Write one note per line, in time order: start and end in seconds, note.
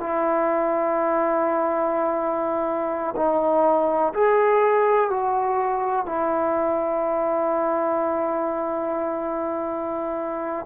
0.00 3.15 E4
3.16 4.13 D#4
4.14 5.10 G#4
5.10 6.06 F#4
6.06 10.66 E4